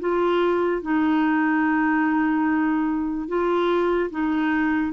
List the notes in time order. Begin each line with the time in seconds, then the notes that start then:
0.00 F4
0.82 D#4
3.28 F4
4.11 D#4